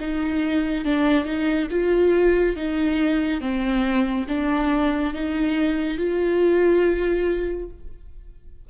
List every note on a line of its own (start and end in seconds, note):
0.00 0.85 D#4
0.85 1.24 D4
1.24 1.67 D#4
1.70 2.56 F4
2.56 3.41 D#4
3.41 4.26 C4
4.28 5.14 D4
5.14 5.98 D#4
5.98 7.69 F4